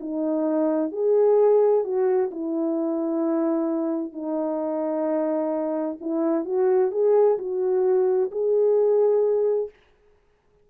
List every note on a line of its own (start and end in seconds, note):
0.00 0.91 D#4
0.91 1.84 G#4
1.84 2.30 F#4
2.31 4.12 E4
4.12 5.97 D#4
6.00 6.45 E4
6.45 6.91 F#4
6.91 7.37 G#4
7.38 8.30 F#4
8.31 9.69 G#4